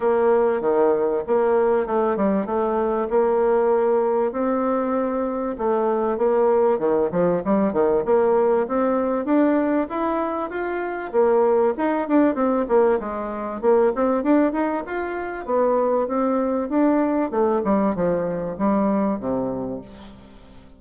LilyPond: \new Staff \with { instrumentName = "bassoon" } { \time 4/4 \tempo 4 = 97 ais4 dis4 ais4 a8 g8 | a4 ais2 c'4~ | c'4 a4 ais4 dis8 f8 | g8 dis8 ais4 c'4 d'4 |
e'4 f'4 ais4 dis'8 d'8 | c'8 ais8 gis4 ais8 c'8 d'8 dis'8 | f'4 b4 c'4 d'4 | a8 g8 f4 g4 c4 | }